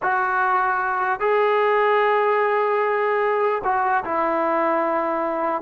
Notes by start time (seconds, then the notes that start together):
0.02 F#4
1.20 G#4
3.64 F#4
4.04 E4